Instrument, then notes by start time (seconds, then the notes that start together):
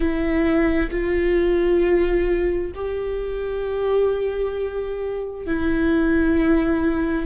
viola
0.00 E4
0.90 F4
2.74 G4
5.46 E4